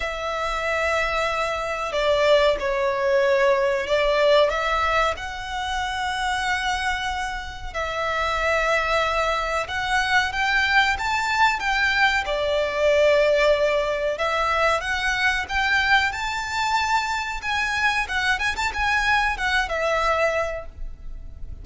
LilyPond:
\new Staff \with { instrumentName = "violin" } { \time 4/4 \tempo 4 = 93 e''2. d''4 | cis''2 d''4 e''4 | fis''1 | e''2. fis''4 |
g''4 a''4 g''4 d''4~ | d''2 e''4 fis''4 | g''4 a''2 gis''4 | fis''8 gis''16 a''16 gis''4 fis''8 e''4. | }